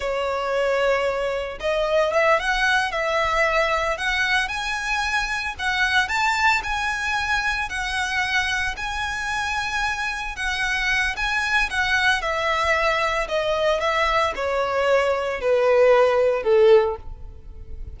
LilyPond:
\new Staff \with { instrumentName = "violin" } { \time 4/4 \tempo 4 = 113 cis''2. dis''4 | e''8 fis''4 e''2 fis''8~ | fis''8 gis''2 fis''4 a''8~ | a''8 gis''2 fis''4.~ |
fis''8 gis''2. fis''8~ | fis''4 gis''4 fis''4 e''4~ | e''4 dis''4 e''4 cis''4~ | cis''4 b'2 a'4 | }